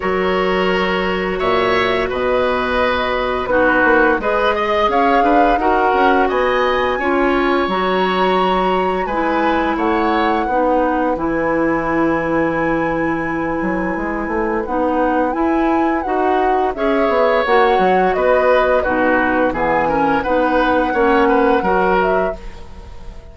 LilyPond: <<
  \new Staff \with { instrumentName = "flute" } { \time 4/4 \tempo 4 = 86 cis''2 e''4 dis''4~ | dis''4 b'4 dis''4 f''4 | fis''4 gis''2 ais''4~ | ais''4 gis''4 fis''2 |
gis''1~ | gis''4 fis''4 gis''4 fis''4 | e''4 fis''4 dis''4 b'4 | gis''4 fis''2~ fis''8 e''8 | }
  \new Staff \with { instrumentName = "oboe" } { \time 4/4 ais'2 cis''4 b'4~ | b'4 fis'4 b'8 dis''8 cis''8 b'8 | ais'4 dis''4 cis''2~ | cis''4 b'4 cis''4 b'4~ |
b'1~ | b'1 | cis''2 b'4 fis'4 | gis'8 ais'8 b'4 cis''8 b'8 ais'4 | }
  \new Staff \with { instrumentName = "clarinet" } { \time 4/4 fis'1~ | fis'4 dis'4 gis'2 | fis'2 f'4 fis'4~ | fis'4 e'2 dis'4 |
e'1~ | e'4 dis'4 e'4 fis'4 | gis'4 fis'2 dis'4 | b8 cis'8 dis'4 cis'4 fis'4 | }
  \new Staff \with { instrumentName = "bassoon" } { \time 4/4 fis2 ais,4 b,4~ | b,4 b8 ais8 gis4 cis'8 d'8 | dis'8 cis'8 b4 cis'4 fis4~ | fis4 gis4 a4 b4 |
e2.~ e8 fis8 | gis8 a8 b4 e'4 dis'4 | cis'8 b8 ais8 fis8 b4 b,4 | e4 b4 ais4 fis4 | }
>>